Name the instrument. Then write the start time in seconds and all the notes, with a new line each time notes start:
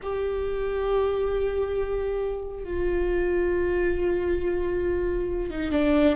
viola
0.02 G4
2.64 F4
5.50 D#4
5.72 D4